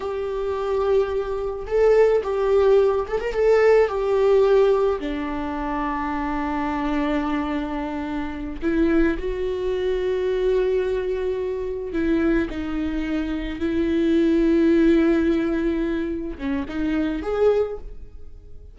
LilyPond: \new Staff \with { instrumentName = "viola" } { \time 4/4 \tempo 4 = 108 g'2. a'4 | g'4. a'16 ais'16 a'4 g'4~ | g'4 d'2.~ | d'2.~ d'8 e'8~ |
e'8 fis'2.~ fis'8~ | fis'4. e'4 dis'4.~ | dis'8 e'2.~ e'8~ | e'4. cis'8 dis'4 gis'4 | }